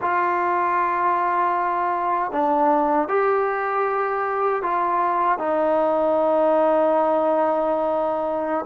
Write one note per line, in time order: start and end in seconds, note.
0.01 2.31 F4
2.31 3.08 D4
3.08 4.62 G4
4.62 5.38 F4
5.38 8.65 D#4